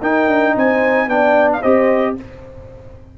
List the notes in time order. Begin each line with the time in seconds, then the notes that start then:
0.00 D#4 A#4 G5
0.27 D4
0.54 C4 C5 G#5
1.07 B3 D4 D5 G5
1.52 F5
1.61 C4 G4 C5 D#5